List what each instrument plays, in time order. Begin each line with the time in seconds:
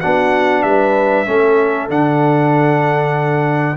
0.00 tuba B3, trombone D4, horn F#4, trumpet F#5
0.62 tuba G3, horn B4, trumpet E5
1.26 tuba A3, trombone C#4, horn A4
1.89 tuba D3, trombone D4, trumpet F#5